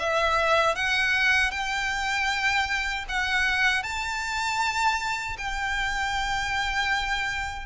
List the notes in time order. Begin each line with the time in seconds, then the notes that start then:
0.00 E5
0.76 F#5
1.52 G5
3.09 F#5
3.84 A5
5.38 G5